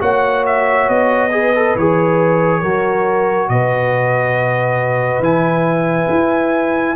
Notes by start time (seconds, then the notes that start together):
0.00 A#3 F#4 C#5 F#5
0.47 E5
0.89 B3 D#5
1.32 G#4 B4
1.56 A4
1.76 E3 G#4 C#5
2.61 F#3 F#4 A#4
3.49 B2 B4 D#5
5.20 E3 E4 G#5
6.10 E4